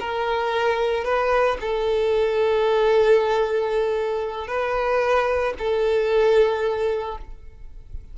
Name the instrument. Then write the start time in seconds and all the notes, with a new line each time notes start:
violin
0.00 A#4
1.05 B4
1.61 A4
4.48 B4
5.59 A4